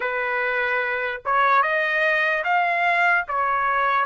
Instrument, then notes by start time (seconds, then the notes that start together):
trumpet
0.00 B4
1.25 C#5
1.62 D#5
2.44 F5
3.28 C#5